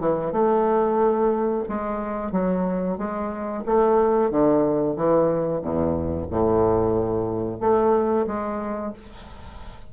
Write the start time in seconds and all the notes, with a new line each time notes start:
0.00 E3
0.32 A3
1.69 G#3
2.32 F#3
2.98 G#3
3.66 A3
4.31 D3
4.97 E3
5.62 E2
6.31 A2
7.60 A3
8.27 G#3